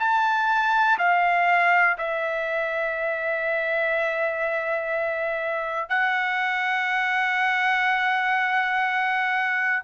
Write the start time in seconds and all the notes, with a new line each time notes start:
0.00 A5
0.99 F5
1.99 E5
5.90 F#5